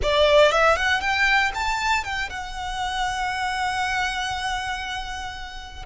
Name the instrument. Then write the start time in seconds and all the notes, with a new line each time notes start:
violin
0.02 D5
0.51 E5
0.76 F#5
1.01 G5
1.54 A5
2.04 G5
2.29 F#5